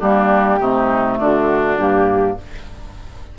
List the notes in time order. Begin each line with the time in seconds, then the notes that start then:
0.00 G3 A#3 D4 G4
0.59 C3 A3 D#4
1.19 D3 D4 F#4
1.78 G2 A#3 G4